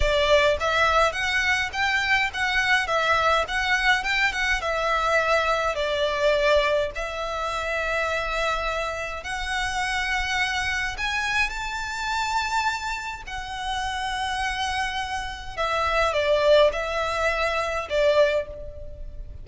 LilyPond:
\new Staff \with { instrumentName = "violin" } { \time 4/4 \tempo 4 = 104 d''4 e''4 fis''4 g''4 | fis''4 e''4 fis''4 g''8 fis''8 | e''2 d''2 | e''1 |
fis''2. gis''4 | a''2. fis''4~ | fis''2. e''4 | d''4 e''2 d''4 | }